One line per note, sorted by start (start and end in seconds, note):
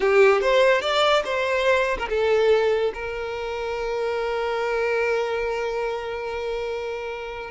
0.00 0.41 G4
0.41 0.81 C5
0.81 1.23 D5
1.24 1.97 C5
1.98 2.08 A#4
2.09 2.92 A4
2.94 7.50 A#4